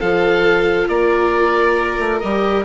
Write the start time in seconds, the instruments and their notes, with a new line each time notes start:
0.00 bassoon F3, viola F4, violin A4, oboe F5
0.88 bassoon A#3, violin A#4, oboe D5
1.99 bassoon A3
2.19 bassoon G3, viola G4, oboe D#5